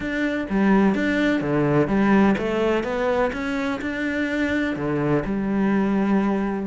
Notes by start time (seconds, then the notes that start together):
0.00 D4
0.49 G3
0.94 D4
1.41 D3
1.87 G3
2.37 A3
2.83 B3
3.32 C#4
3.81 D4
4.76 D3
5.25 G3